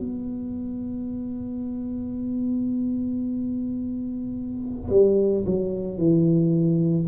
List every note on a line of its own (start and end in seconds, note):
0.00 4.90 B3
4.90 5.45 G3
5.46 5.99 F#3
5.99 7.08 E3